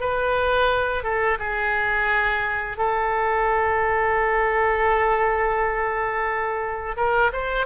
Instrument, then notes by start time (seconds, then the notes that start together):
oboe
0.00 B4
1.03 A4
1.39 G#4
2.77 A4
6.96 A#4
7.32 C5